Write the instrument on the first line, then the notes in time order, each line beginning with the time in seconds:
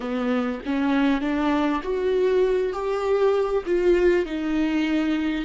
viola
0.00 B3
0.65 C#4
1.21 D4
1.83 F#4
2.72 G4
3.65 F4
4.25 D#4